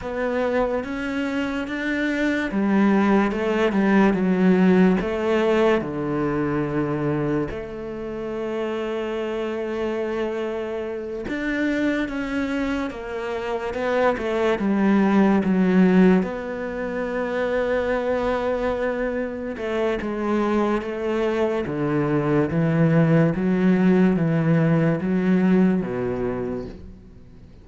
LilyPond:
\new Staff \with { instrumentName = "cello" } { \time 4/4 \tempo 4 = 72 b4 cis'4 d'4 g4 | a8 g8 fis4 a4 d4~ | d4 a2.~ | a4. d'4 cis'4 ais8~ |
ais8 b8 a8 g4 fis4 b8~ | b2.~ b8 a8 | gis4 a4 d4 e4 | fis4 e4 fis4 b,4 | }